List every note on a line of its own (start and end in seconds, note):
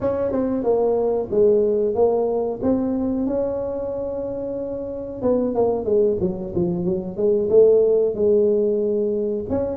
0.00 0.31 C#4
0.31 0.63 C4
0.63 1.29 A#3
1.30 1.94 G#3
1.94 2.60 A#3
2.62 3.26 C4
3.26 5.21 C#4
5.22 5.54 B3
5.54 5.84 A#3
5.84 6.17 G#3
6.20 6.53 F#3
6.55 6.84 F3
6.84 7.16 F#3
7.16 7.49 G#3
7.49 8.14 A3
8.14 9.45 G#3
9.49 9.76 C#4